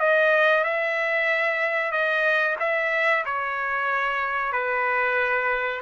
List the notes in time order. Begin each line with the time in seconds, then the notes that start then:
0.00 D#5
0.64 E5
1.92 D#5
2.60 E5
3.26 C#5
4.53 B4